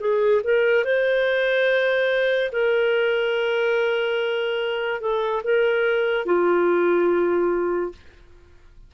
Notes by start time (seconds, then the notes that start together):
0.00 G#4
0.44 A#4
0.85 C5
2.52 A#4
5.01 A4
5.44 A#4
6.26 F4